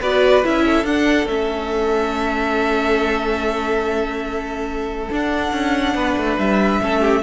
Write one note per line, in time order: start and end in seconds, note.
0.00 0.44 B3
0.00 0.44 F#4
0.00 0.64 B4
0.00 0.45 D5
0.44 0.84 C#4
0.44 0.85 E4
0.44 0.86 E5
0.65 5.96 A4
0.84 1.26 D4
0.84 1.27 D4
0.84 1.28 F#5
1.26 5.09 A3
1.26 5.11 C#4
1.26 5.11 E5
5.11 6.81 D4
5.11 5.52 D4
5.11 6.38 F#5
5.52 5.94 C#4
5.94 6.16 B3
5.94 6.81 B4
6.16 6.38 A3
6.38 6.81 G3
6.38 7.23 E5
6.81 7.23 A3
6.81 7.23 C#4
6.81 7.01 A4
7.01 7.22 G4